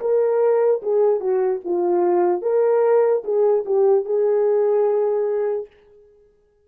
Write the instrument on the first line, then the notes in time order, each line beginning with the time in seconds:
horn
0.00 A#4
0.81 G#4
1.19 F#4
1.64 F4
2.41 A#4
3.24 G#4
3.65 G4
4.04 G#4